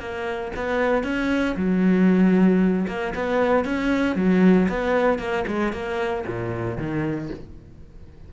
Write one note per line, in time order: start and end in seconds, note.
0.00 0.52 A#3
0.56 1.04 B3
1.04 1.56 C#4
1.57 2.87 F#3
2.88 3.14 A#3
3.15 3.65 B3
3.65 4.16 C#4
4.16 4.68 F#3
4.70 5.19 B3
5.19 5.45 A#3
5.48 5.73 G#3
5.73 6.25 A#3
6.27 6.78 A#2
6.78 7.30 D#3